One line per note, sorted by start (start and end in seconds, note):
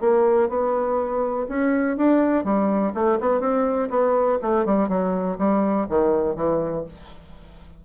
0.00 0.49 A#3
0.49 1.47 B3
1.48 1.97 C#4
1.97 2.44 D4
2.44 2.93 G3
2.94 3.18 A3
3.20 3.40 B3
3.40 3.89 C4
3.90 4.39 B3
4.42 4.65 A3
4.65 4.88 G3
4.88 5.37 F#3
5.38 5.87 G3
5.89 6.36 D#3
6.36 6.85 E3